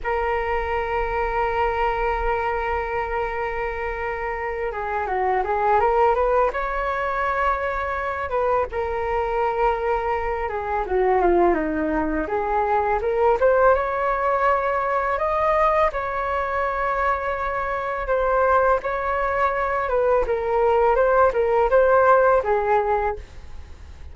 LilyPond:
\new Staff \with { instrumentName = "flute" } { \time 4/4 \tempo 4 = 83 ais'1~ | ais'2~ ais'8 gis'8 fis'8 gis'8 | ais'8 b'8 cis''2~ cis''8 b'8 | ais'2~ ais'8 gis'8 fis'8 f'8 |
dis'4 gis'4 ais'8 c''8 cis''4~ | cis''4 dis''4 cis''2~ | cis''4 c''4 cis''4. b'8 | ais'4 c''8 ais'8 c''4 gis'4 | }